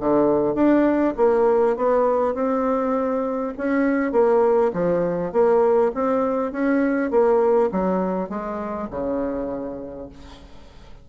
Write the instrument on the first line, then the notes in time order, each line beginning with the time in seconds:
bassoon
0.00 D3
0.55 D4
1.17 A#3
1.77 B3
2.34 C4
3.58 C#4
4.12 A#3
4.73 F3
5.32 A#3
5.95 C4
6.52 C#4
7.11 A#3
7.71 F#3
8.29 G#3
8.90 C#3